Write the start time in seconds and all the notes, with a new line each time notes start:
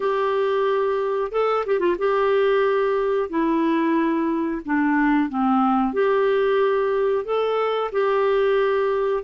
0.00 G4
1.31 A4
1.65 G4
1.79 F4
1.98 G4
3.29 E4
4.65 D4
5.29 C4
5.93 G4
7.24 A4
7.92 G4